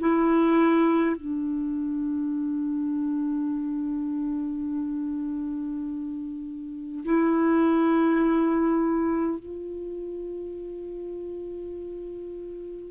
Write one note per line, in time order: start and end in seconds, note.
0.00 1.16 E4
1.16 7.04 D4
7.05 9.40 E4
9.40 12.91 F4